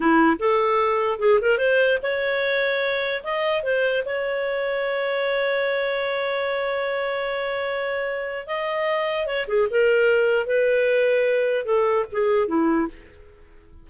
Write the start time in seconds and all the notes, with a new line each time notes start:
0.00 E4
0.39 A4
1.19 G#4
1.41 A#4
1.58 C5
2.02 C#5
3.23 D#5
3.63 C5
4.05 C#5
8.47 D#5
9.26 C#5
9.47 G#4
9.70 A#4
10.46 B4
11.65 A4
12.11 G#4
12.47 E4